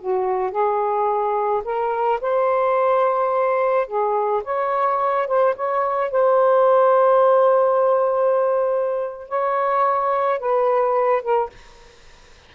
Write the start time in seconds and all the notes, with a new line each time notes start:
0.00 F#4
0.51 G#4
1.64 A#4
2.21 C5
3.87 G#4
4.44 C#5
5.27 C5
5.56 C#5
6.11 C5
9.29 C#5
10.39 B4
11.22 A#4